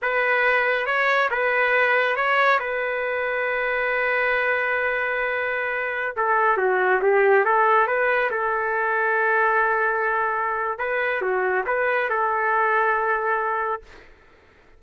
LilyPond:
\new Staff \with { instrumentName = "trumpet" } { \time 4/4 \tempo 4 = 139 b'2 cis''4 b'4~ | b'4 cis''4 b'2~ | b'1~ | b'2~ b'16 a'4 fis'8.~ |
fis'16 g'4 a'4 b'4 a'8.~ | a'1~ | a'4 b'4 fis'4 b'4 | a'1 | }